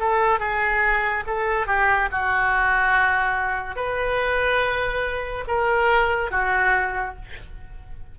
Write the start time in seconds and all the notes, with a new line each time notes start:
0.00 A4
0.40 G#4
1.27 A4
1.67 G4
2.12 F#4
3.76 B4
5.48 A#4
6.31 F#4